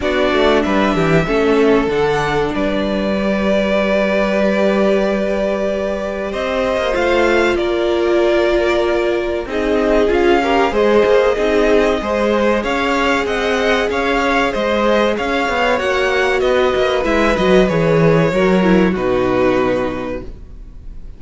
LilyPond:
<<
  \new Staff \with { instrumentName = "violin" } { \time 4/4 \tempo 4 = 95 d''4 e''2 fis''4 | d''1~ | d''2 dis''4 f''4 | d''2. dis''4 |
f''4 dis''2. | f''4 fis''4 f''4 dis''4 | f''4 fis''4 dis''4 e''8 dis''8 | cis''2 b'2 | }
  \new Staff \with { instrumentName = "violin" } { \time 4/4 fis'4 b'8 g'8 a'2 | b'1~ | b'2 c''2 | ais'2. gis'4~ |
gis'8 ais'8 c''4 gis'4 c''4 | cis''4 dis''4 cis''4 c''4 | cis''2 b'2~ | b'4 ais'4 fis'2 | }
  \new Staff \with { instrumentName = "viola" } { \time 4/4 d'2 cis'4 d'4~ | d'4 g'2.~ | g'2. f'4~ | f'2. dis'4 |
f'8 g'8 gis'4 dis'4 gis'4~ | gis'1~ | gis'4 fis'2 e'8 fis'8 | gis'4 fis'8 e'8 dis'2 | }
  \new Staff \with { instrumentName = "cello" } { \time 4/4 b8 a8 g8 e8 a4 d4 | g1~ | g2 c'8. ais16 a4 | ais2. c'4 |
cis'4 gis8 ais8 c'4 gis4 | cis'4 c'4 cis'4 gis4 | cis'8 b8 ais4 b8 ais8 gis8 fis8 | e4 fis4 b,2 | }
>>